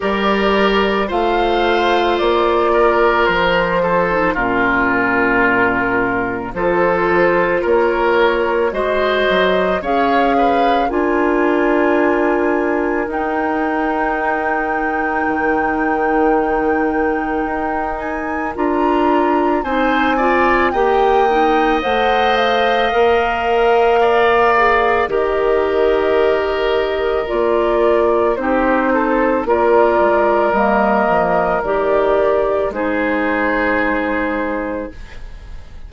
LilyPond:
<<
  \new Staff \with { instrumentName = "flute" } { \time 4/4 \tempo 4 = 55 d''4 f''4 d''4 c''4 | ais'2 c''4 cis''4 | dis''4 f''4 gis''2 | g''1~ |
g''8 gis''8 ais''4 gis''4 g''4 | fis''8 f''2~ f''8 dis''4~ | dis''4 d''4 c''4 d''4 | dis''4 d''4 c''2 | }
  \new Staff \with { instrumentName = "oboe" } { \time 4/4 ais'4 c''4. ais'4 a'8 | f'2 a'4 ais'4 | c''4 cis''8 b'8 ais'2~ | ais'1~ |
ais'2 c''8 d''8 dis''4~ | dis''2 d''4 ais'4~ | ais'2 g'8 a'8 ais'4~ | ais'2 gis'2 | }
  \new Staff \with { instrumentName = "clarinet" } { \time 4/4 g'4 f'2~ f'8. dis'16 | cis'2 f'2 | fis'4 gis'4 f'2 | dis'1~ |
dis'4 f'4 dis'8 f'8 g'8 dis'8 | c''4 ais'4. gis'8 g'4~ | g'4 f'4 dis'4 f'4 | ais4 g'4 dis'2 | }
  \new Staff \with { instrumentName = "bassoon" } { \time 4/4 g4 a4 ais4 f4 | ais,2 f4 ais4 | gis8 fis8 cis'4 d'2 | dis'2 dis2 |
dis'4 d'4 c'4 ais4 | a4 ais2 dis4~ | dis4 ais4 c'4 ais8 gis8 | g8 f8 dis4 gis2 | }
>>